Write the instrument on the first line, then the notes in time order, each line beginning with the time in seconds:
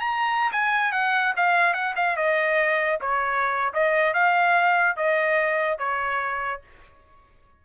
trumpet
0.00 A#5
0.52 G#5
0.92 F#5
1.36 F5
1.74 F#5
1.96 F5
2.16 D#5
3.01 C#5
3.73 D#5
4.14 F5
4.97 D#5
5.78 C#5